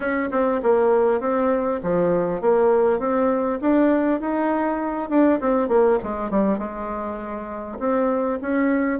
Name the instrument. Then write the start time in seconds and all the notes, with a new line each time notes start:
bassoon
0.00 C#4
0.31 C4
0.62 A#3
1.20 C4
1.82 F3
2.41 A#3
2.99 C4
3.61 D4
4.20 D#4
5.09 D4
5.40 C4
5.68 A#3
6.03 G#3
6.30 G3
6.58 G#3
7.79 C4
8.41 C#4